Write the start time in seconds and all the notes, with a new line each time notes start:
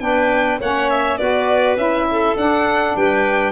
0.00 B3 D4 B4 G5
0.60 A#3 C#4 C#5 F#5
0.90 E5
1.18 B3 F#4 B4 D5
1.76 C#4 E4 E5
2.11 A4
2.36 D4 F#5
2.96 G3 B4 G5